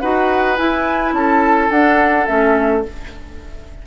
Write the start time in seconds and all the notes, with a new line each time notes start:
0.00 D#4 F#4 B4 F#5
0.57 E4 G#5
1.13 C#4 A4 A5
1.71 D4 F#5
2.27 A3 C#4 E5